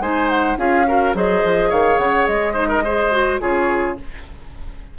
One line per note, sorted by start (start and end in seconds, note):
0.00 0.57 G#3
0.00 0.57 D#4
0.00 0.58 C5
0.00 0.29 G#5
0.29 0.58 F#5
0.57 1.14 C#4
0.57 0.86 F4
0.57 0.87 G#4
0.57 1.15 F5
0.88 1.15 F#4
0.88 1.16 A#4
1.15 1.43 F#3
1.15 2.54 G#4
1.15 1.70 C5
1.15 1.71 D#5
1.44 1.72 F3
1.70 1.98 D#3
1.70 2.54 C#5
1.70 1.99 F5
1.98 2.27 C#3
1.98 2.27 F#5
2.27 3.41 G#3
2.27 3.40 D#5
2.54 2.83 D#4
2.54 2.68 C5
2.69 2.83 A#4
2.85 3.11 G#4
2.85 3.41 C5
3.11 3.40 F#4
3.40 3.99 C#3
3.40 3.96 F4
3.40 3.98 G#4
3.40 3.97 C#5